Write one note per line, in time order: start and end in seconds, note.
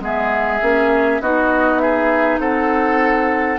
0.00 0.60 G#3
0.00 0.60 B3
0.00 1.22 G#4
0.00 1.22 E5
0.62 1.21 A#3
0.62 1.22 C#4
1.21 2.39 B3
1.21 3.59 D#4
1.21 1.82 F#4
1.21 1.79 D#5
1.79 2.40 G#4
1.79 2.39 E5
2.39 3.59 C4
2.39 3.59 A4
2.39 3.59 F#5